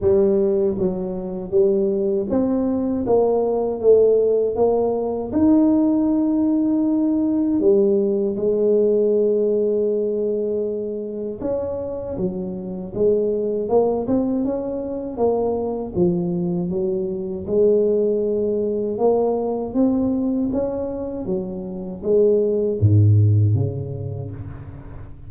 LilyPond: \new Staff \with { instrumentName = "tuba" } { \time 4/4 \tempo 4 = 79 g4 fis4 g4 c'4 | ais4 a4 ais4 dis'4~ | dis'2 g4 gis4~ | gis2. cis'4 |
fis4 gis4 ais8 c'8 cis'4 | ais4 f4 fis4 gis4~ | gis4 ais4 c'4 cis'4 | fis4 gis4 gis,4 cis4 | }